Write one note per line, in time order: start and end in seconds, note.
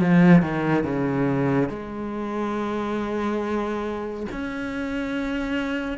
0.00 0.42 F3
0.42 0.83 D#3
0.83 1.69 C#3
1.69 4.26 G#3
4.31 5.98 C#4